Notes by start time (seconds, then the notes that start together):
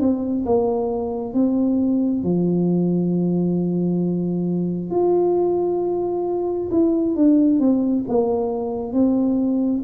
0.00 C4
0.46 A#3
1.34 C4
2.23 F3
4.91 F4
6.71 E4
7.16 D4
7.60 C4
8.08 A#3
8.93 C4